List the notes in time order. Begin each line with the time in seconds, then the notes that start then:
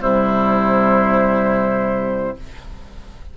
0.00 C3 G3 E4 C5